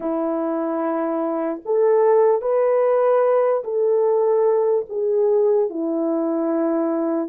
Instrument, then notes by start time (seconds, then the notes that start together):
horn
0.00 E4
1.65 A4
2.41 B4
3.63 A4
4.89 G#4
5.69 E4